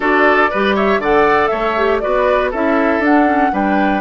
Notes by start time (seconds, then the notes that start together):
0.00 D4 F#4 A4 D5
0.50 G3 G4 B4
0.75 C#5 E5
0.98 D3 A4 D5 F#5
1.47 A3 C#5 E5
1.77 G4
1.99 B3 F#4 B4 D5
2.51 C#4 E4 A4 E5
2.99 D4 F#5
3.26 C#4
3.51 G3 D4 B4 G5